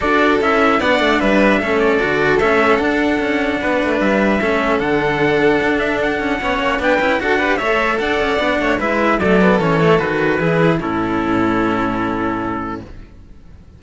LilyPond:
<<
  \new Staff \with { instrumentName = "trumpet" } { \time 4/4 \tempo 4 = 150 d''4 e''4 fis''4 e''4~ | e''8 d''4. e''4 fis''4~ | fis''2 e''2 | fis''2~ fis''8 e''8 fis''4~ |
fis''4 g''4 fis''4 e''4 | fis''2 e''4 d''4 | cis''4 b'2 a'4~ | a'1 | }
  \new Staff \with { instrumentName = "violin" } { \time 4/4 a'2 d''4 b'4 | a'1~ | a'4 b'2 a'4~ | a'1 |
cis''4 b'4 a'8 b'8 cis''4 | d''4. cis''8 b'4 a'4~ | a'2 gis'4 e'4~ | e'1 | }
  \new Staff \with { instrumentName = "cello" } { \time 4/4 fis'4 e'4 d'2 | cis'4 fis'4 cis'4 d'4~ | d'2. cis'4 | d'1 |
cis'4 d'8 e'8 fis'8 g'8 a'4~ | a'4 d'4 e'4 a8 b8 | cis'8 a8 fis'4 e'4 cis'4~ | cis'1 | }
  \new Staff \with { instrumentName = "cello" } { \time 4/4 d'4 cis'4 b8 a8 g4 | a4 d4 a4 d'4 | cis'4 b8 a8 g4 a4 | d2 d'4. cis'8 |
b8 ais8 b8 cis'8 d'4 a4 | d'8 cis'8 b8 a8 gis4 fis4 | e4 dis4 e4 a,4~ | a,1 | }
>>